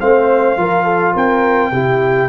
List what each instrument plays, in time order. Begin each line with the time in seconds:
0.00 tuba A3, trombone C4, horn C5, trumpet F5
0.57 tuba F3, trombone F4, horn A#4
0.84 horn A4
1.13 tuba C4, horn A#4, trumpet G5
1.71 tuba C3, trombone E4, horn G4